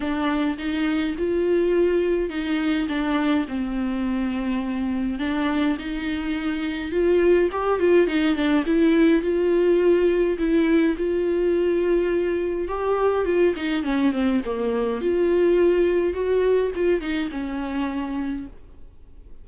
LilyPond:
\new Staff \with { instrumentName = "viola" } { \time 4/4 \tempo 4 = 104 d'4 dis'4 f'2 | dis'4 d'4 c'2~ | c'4 d'4 dis'2 | f'4 g'8 f'8 dis'8 d'8 e'4 |
f'2 e'4 f'4~ | f'2 g'4 f'8 dis'8 | cis'8 c'8 ais4 f'2 | fis'4 f'8 dis'8 cis'2 | }